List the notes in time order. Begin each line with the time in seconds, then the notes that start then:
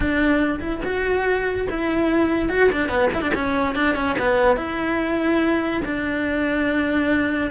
0.00 D4
0.60 E4
0.84 F#4
1.70 E4
2.49 F#4
2.71 D4
2.88 B3
3.14 E4
3.21 D4
3.34 C#4
3.75 D4
3.95 C#4
4.19 B3
4.56 E4
5.85 D4